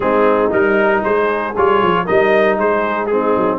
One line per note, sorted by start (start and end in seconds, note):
0.00 0.51 G#3
0.00 0.50 C4
0.00 1.04 D#4
0.00 0.52 G#4
0.50 1.03 G3
0.50 1.53 D#4
0.50 1.03 A#4
1.03 1.56 G#3
1.03 2.05 G#4
1.03 1.55 C5
1.56 1.82 G3
1.56 2.06 F4
1.56 2.06 C#5
1.82 2.08 F3
2.05 2.58 G3
2.05 3.09 D#4
2.05 2.57 A#4
2.05 2.58 D#5
2.58 3.35 G#3
2.58 3.11 G#4
2.58 3.06 C5
3.06 3.59 C4
3.06 3.58 G#4
3.12 3.59 D#4
3.36 3.59 F#3